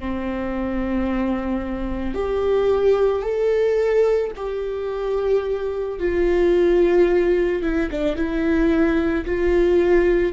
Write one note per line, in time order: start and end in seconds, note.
0.00 2.14 C4
2.14 3.22 G4
3.22 4.31 A4
4.36 6.00 G4
6.00 7.63 F4
7.63 7.90 E4
7.91 8.16 D4
8.16 9.25 E4
9.25 10.33 F4